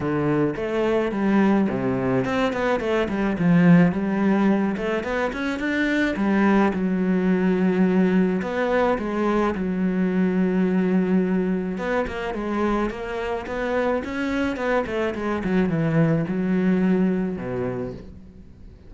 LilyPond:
\new Staff \with { instrumentName = "cello" } { \time 4/4 \tempo 4 = 107 d4 a4 g4 c4 | c'8 b8 a8 g8 f4 g4~ | g8 a8 b8 cis'8 d'4 g4 | fis2. b4 |
gis4 fis2.~ | fis4 b8 ais8 gis4 ais4 | b4 cis'4 b8 a8 gis8 fis8 | e4 fis2 b,4 | }